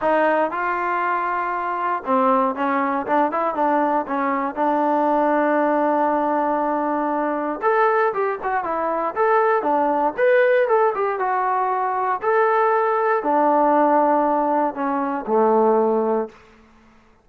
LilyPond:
\new Staff \with { instrumentName = "trombone" } { \time 4/4 \tempo 4 = 118 dis'4 f'2. | c'4 cis'4 d'8 e'8 d'4 | cis'4 d'2.~ | d'2. a'4 |
g'8 fis'8 e'4 a'4 d'4 | b'4 a'8 g'8 fis'2 | a'2 d'2~ | d'4 cis'4 a2 | }